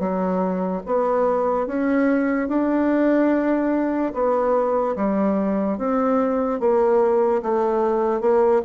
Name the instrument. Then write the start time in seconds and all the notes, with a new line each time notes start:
bassoon
0.00 F#3
0.87 B3
1.67 C#4
2.49 D4
4.14 B3
4.97 G3
5.79 C4
6.60 A#3
7.43 A3
8.21 A#3